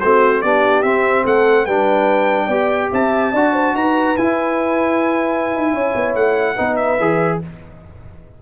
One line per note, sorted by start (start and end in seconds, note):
0.00 0.43 A3
0.00 0.44 C4
0.00 0.42 F#4
0.00 0.41 C5
0.41 0.82 B3
0.41 0.84 D4
0.41 1.24 G4
0.41 0.82 D5
0.82 1.24 C4
0.82 1.67 C4
0.82 1.24 E5
1.24 1.66 A3
1.24 1.64 A4
1.24 1.65 F#5
1.64 2.48 G3
1.64 2.50 D4
1.64 2.45 B4
1.64 2.90 G5
2.45 2.89 B3
2.45 3.34 G4
2.45 2.87 D5
2.91 3.33 C4
2.91 3.32 E5
2.91 3.76 A5
3.32 3.73 D4
3.32 4.17 F#4
3.32 3.53 D5
3.53 3.74 C5
3.73 4.15 D#4
3.73 5.73 B4
3.73 4.16 A#5
4.16 6.56 E4
4.16 5.53 E4
4.16 6.14 G#5
5.53 5.73 D#4
5.73 5.93 C#4
5.73 6.54 C#5
5.95 6.15 B3
6.15 6.57 A3
6.15 6.75 F#5
6.54 6.99 B3
6.54 6.98 D#4
6.54 7.38 B4
6.75 7.38 E5
6.99 7.41 E3
6.99 7.42 G#4